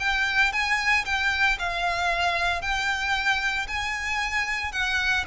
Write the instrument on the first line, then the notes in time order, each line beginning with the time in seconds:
violin
0.00 G5
0.53 G#5
1.06 G5
1.59 F5
2.62 G5
3.68 G#5
4.72 F#5